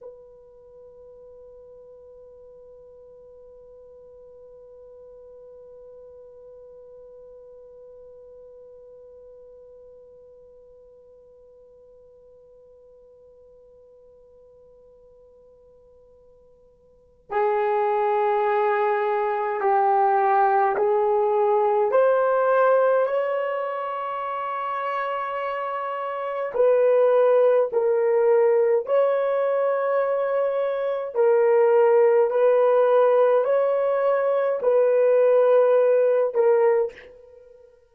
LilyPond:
\new Staff \with { instrumentName = "horn" } { \time 4/4 \tempo 4 = 52 b'1~ | b'1~ | b'1~ | b'2. gis'4~ |
gis'4 g'4 gis'4 c''4 | cis''2. b'4 | ais'4 cis''2 ais'4 | b'4 cis''4 b'4. ais'8 | }